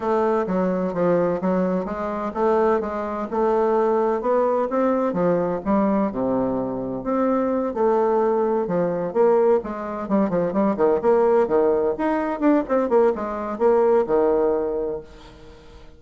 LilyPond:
\new Staff \with { instrumentName = "bassoon" } { \time 4/4 \tempo 4 = 128 a4 fis4 f4 fis4 | gis4 a4 gis4 a4~ | a4 b4 c'4 f4 | g4 c2 c'4~ |
c'8 a2 f4 ais8~ | ais8 gis4 g8 f8 g8 dis8 ais8~ | ais8 dis4 dis'4 d'8 c'8 ais8 | gis4 ais4 dis2 | }